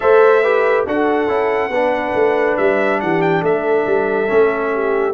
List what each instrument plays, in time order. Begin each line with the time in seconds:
0.00 tuba A3, trombone A4, horn C5, trumpet E5
0.42 trombone G4, horn B4
0.86 tuba D4, trombone F#4, horn A4, trumpet F#5
1.27 tuba C#4, trombone E4
1.69 tuba B3, trombone D4, horn B4
2.14 tuba A3
2.57 tuba G3, trumpet E5
3.00 tuba E3, horn G4, trumpet F#5
3.21 trumpet G5
3.42 tuba A3, horn A4, trumpet E5
3.86 tuba G3
4.27 tuba A3, trombone C#4
4.73 horn G4